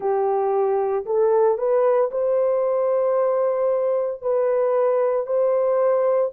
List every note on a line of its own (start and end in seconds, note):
0.00 1.05 G4
1.05 1.57 A4
1.57 2.10 B4
2.11 4.21 C5
4.21 5.26 B4
5.26 6.32 C5